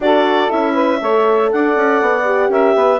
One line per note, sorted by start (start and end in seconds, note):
0.00 0.48 D4
0.00 0.49 F#4
0.00 0.73 A4
0.00 0.51 D5
0.49 1.01 C#4
0.49 0.99 E4
0.49 1.51 E5
0.73 0.98 B4
1.00 1.51 A3
1.00 2.24 A4
1.00 1.51 C#5
1.51 1.76 D4
1.51 2.50 D5
1.51 2.51 F#5
1.76 2.01 C#4
2.01 2.49 B3
2.24 2.99 G4
2.49 2.74 C#4
2.49 2.74 A#4
2.49 2.99 E5
2.74 2.99 B3
2.74 2.99 B4